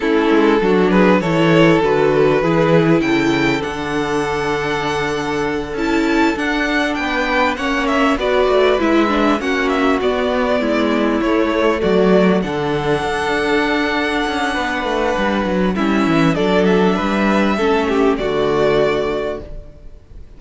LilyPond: <<
  \new Staff \with { instrumentName = "violin" } { \time 4/4 \tempo 4 = 99 a'4. b'8 cis''4 b'4~ | b'4 g''4 fis''2~ | fis''4. a''4 fis''4 g''8~ | g''8 fis''8 e''8 d''4 e''4 fis''8 |
e''8 d''2 cis''4 d''8~ | d''8 fis''2.~ fis''8~ | fis''2 e''4 d''8 e''8~ | e''2 d''2 | }
  \new Staff \with { instrumentName = "violin" } { \time 4/4 e'4 fis'8 gis'8 a'2 | gis'4 a'2.~ | a'2.~ a'8 b'8~ | b'8 cis''4 b'2 fis'8~ |
fis'4. e'2 fis'8~ | fis'8 a'2.~ a'8 | b'2 e'4 a'4 | b'4 a'8 g'8 fis'2 | }
  \new Staff \with { instrumentName = "viola" } { \time 4/4 cis'4 d'4 e'4 fis'4 | e'2 d'2~ | d'4. e'4 d'4.~ | d'8 cis'4 fis'4 e'8 d'8 cis'8~ |
cis'8 b2 a4.~ | a8 d'2.~ d'8~ | d'2 cis'4 d'4~ | d'4 cis'4 a2 | }
  \new Staff \with { instrumentName = "cello" } { \time 4/4 a8 gis8 fis4 e4 d4 | e4 cis4 d2~ | d4. cis'4 d'4 b8~ | b8 ais4 b8 a8 gis4 ais8~ |
ais8 b4 gis4 a4 fis8~ | fis8 d4 d'2 cis'8 | b8 a8 g8 fis8 g8 e8 fis4 | g4 a4 d2 | }
>>